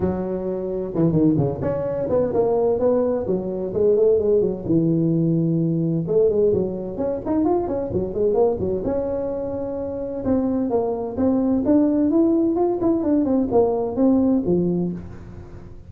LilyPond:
\new Staff \with { instrumentName = "tuba" } { \time 4/4 \tempo 4 = 129 fis2 e8 dis8 cis8 cis'8~ | cis'8 b8 ais4 b4 fis4 | gis8 a8 gis8 fis8 e2~ | e4 a8 gis8 fis4 cis'8 dis'8 |
f'8 cis'8 fis8 gis8 ais8 fis8 cis'4~ | cis'2 c'4 ais4 | c'4 d'4 e'4 f'8 e'8 | d'8 c'8 ais4 c'4 f4 | }